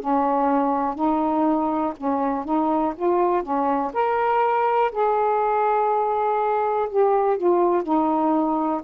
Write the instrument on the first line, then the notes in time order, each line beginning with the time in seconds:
saxophone
0.00 C#4
0.96 D#4
1.98 C#4
2.45 D#4
2.96 F4
3.43 C#4
3.93 A#4
4.92 G#4
6.90 G4
7.38 F4
7.83 D#4